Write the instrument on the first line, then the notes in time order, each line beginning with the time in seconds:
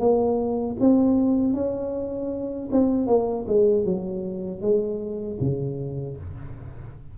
tuba
0.00 A#3
0.80 C4
1.54 C#4
2.72 C4
3.07 A#3
3.48 G#3
3.85 F#3
4.62 G#3
5.41 C#3